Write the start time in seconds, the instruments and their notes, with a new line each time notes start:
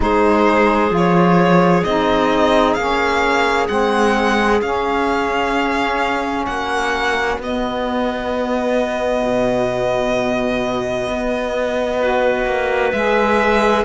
0.00 cello G#3, saxophone D#4, clarinet G#4, violin C5
0.89 cello F3, saxophone F4
0.96 violin C#5
1.84 cello C4, saxophone D#4, violin D#5
2.74 cello A#3, saxophone C#4, violin F5
3.67 cello G#3, saxophone C4, violin F#5
4.61 cello C#4, saxophone C#4, violin F5
6.45 cello A#3, clarinet F#4, violin F#5
7.37 cello B3, saxophone B3, violin D#5
9.23 cello B2
11.08 cello B3
12.00 saxophone F#4, clarinet B4
12.45 cello A#3
12.92 cello G#3, saxophone G#4, violin E5